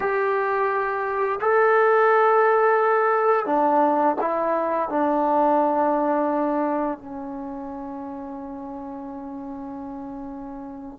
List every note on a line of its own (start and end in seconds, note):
0.00 1.39 G4
1.40 3.46 A4
3.46 4.15 D4
4.20 4.89 E4
4.89 6.98 D4
6.98 10.99 C#4